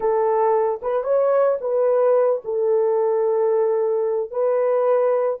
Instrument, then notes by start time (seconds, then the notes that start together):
horn
0.00 A4
0.82 B4
1.03 C#5
1.60 B4
2.44 A4
4.30 B4